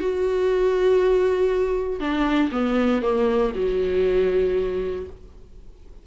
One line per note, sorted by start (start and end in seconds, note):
0.00 2.00 F#4
2.00 2.50 D4
2.52 3.02 B3
3.02 3.53 A#3
3.55 5.06 F#3